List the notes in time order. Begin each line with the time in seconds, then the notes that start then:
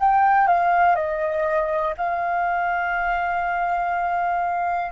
0.00 G5
0.47 F5
0.96 D#5
1.98 F5